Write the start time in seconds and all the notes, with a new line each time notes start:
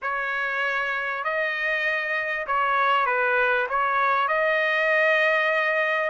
0.02 C#5
1.24 D#5
2.46 C#5
3.06 B4
3.69 C#5
4.27 D#5